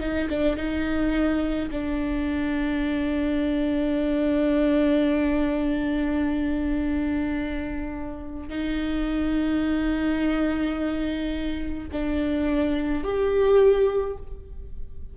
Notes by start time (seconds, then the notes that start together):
0.00 D#4
0.30 D4
0.57 D#4
1.71 D4
8.49 D#4
11.92 D4
13.04 G4